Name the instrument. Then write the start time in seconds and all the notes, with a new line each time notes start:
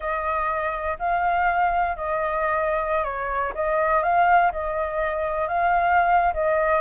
flute
0.00 D#5
0.98 F5
1.96 D#5
3.04 C#5
3.55 D#5
4.02 F5
4.51 D#5
5.48 F5
6.33 D#5